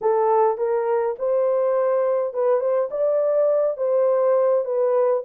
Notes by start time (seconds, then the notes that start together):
0.01 A4
0.57 A#4
1.18 C5
2.33 B4
2.60 C5
2.90 D5
3.77 C5
4.64 B4